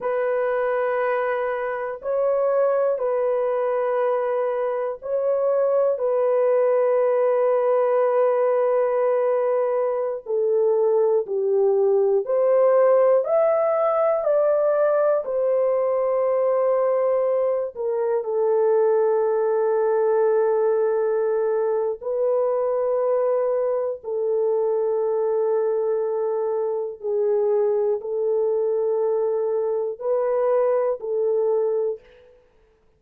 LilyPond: \new Staff \with { instrumentName = "horn" } { \time 4/4 \tempo 4 = 60 b'2 cis''4 b'4~ | b'4 cis''4 b'2~ | b'2~ b'16 a'4 g'8.~ | g'16 c''4 e''4 d''4 c''8.~ |
c''4.~ c''16 ais'8 a'4.~ a'16~ | a'2 b'2 | a'2. gis'4 | a'2 b'4 a'4 | }